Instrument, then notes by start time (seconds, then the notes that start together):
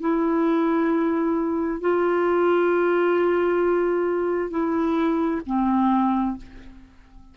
clarinet
0.00 E4
1.81 F4
4.50 E4
5.46 C4